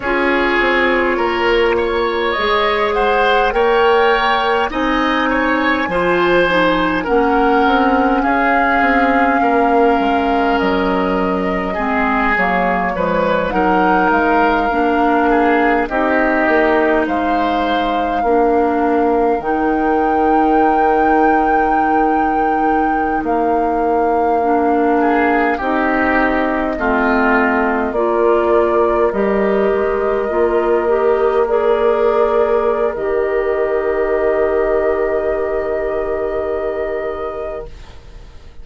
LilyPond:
<<
  \new Staff \with { instrumentName = "flute" } { \time 4/4 \tempo 4 = 51 cis''2 dis''8 fis''8 g''4 | gis''2 fis''4 f''4~ | f''4 dis''4. cis''4 fis''8 | f''4. dis''4 f''4.~ |
f''8 g''2.~ g''16 f''16~ | f''4.~ f''16 dis''2 d''16~ | d''8. dis''2 d''4~ d''16 | dis''1 | }
  \new Staff \with { instrumentName = "oboe" } { \time 4/4 gis'4 ais'8 cis''4 c''8 cis''4 | dis''8 cis''8 c''4 ais'4 gis'4 | ais'2 gis'4 b'8 ais'8~ | ais'4 gis'8 g'4 c''4 ais'8~ |
ais'1~ | ais'4~ ais'16 gis'8 g'4 f'4 ais'16~ | ais'1~ | ais'1 | }
  \new Staff \with { instrumentName = "clarinet" } { \time 4/4 f'2 gis'4 ais'4 | dis'4 f'8 dis'8 cis'2~ | cis'2 c'8 ais8 gis8 dis'8~ | dis'8 d'4 dis'2 d'8~ |
d'8 dis'2.~ dis'8~ | dis'8. d'4 dis'4 c'4 f'16~ | f'8. g'4 f'8 g'8 gis'4~ gis'16 | g'1 | }
  \new Staff \with { instrumentName = "bassoon" } { \time 4/4 cis'8 c'8 ais4 gis4 ais4 | c'4 f4 ais8 c'8 cis'8 c'8 | ais8 gis8 fis4 gis8 fis8 f8 fis8 | gis8 ais4 c'8 ais8 gis4 ais8~ |
ais8 dis2.~ dis16 ais16~ | ais4.~ ais16 c'4 a4 ais16~ | ais8. g8 gis8 ais2~ ais16 | dis1 | }
>>